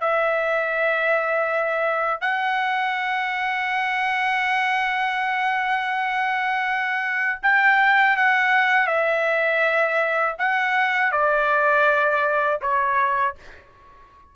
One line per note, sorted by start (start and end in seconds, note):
0.00 2.21 E5
2.21 7.39 F#5
7.42 8.16 G5
8.16 8.87 F#5
8.87 10.35 E5
10.38 11.12 F#5
11.12 12.60 D5
12.61 13.35 C#5